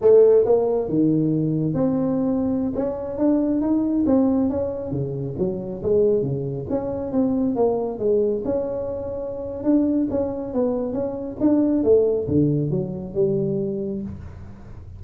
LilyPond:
\new Staff \with { instrumentName = "tuba" } { \time 4/4 \tempo 4 = 137 a4 ais4 dis2 | c'2~ c'16 cis'4 d'8.~ | d'16 dis'4 c'4 cis'4 cis8.~ | cis16 fis4 gis4 cis4 cis'8.~ |
cis'16 c'4 ais4 gis4 cis'8.~ | cis'2 d'4 cis'4 | b4 cis'4 d'4 a4 | d4 fis4 g2 | }